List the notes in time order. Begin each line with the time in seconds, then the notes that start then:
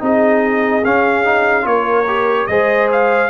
0.00 C4 D#4 G#4 D#5
0.85 C#4 F5
1.24 D#4
1.63 A#3 F4 A#4 C#5
2.08 G4
2.47 G#3 G#4 C5 D#5
2.92 F5